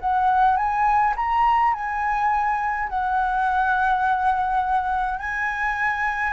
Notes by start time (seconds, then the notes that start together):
0.00 F#5
0.56 G#5
1.16 A#5
1.74 G#5
2.89 F#5
5.19 G#5